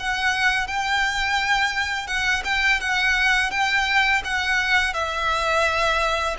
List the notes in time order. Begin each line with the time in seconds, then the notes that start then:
0.00 F#5
0.68 G5
2.08 F#5
2.45 G5
2.81 F#5
3.51 G5
4.25 F#5
4.94 E5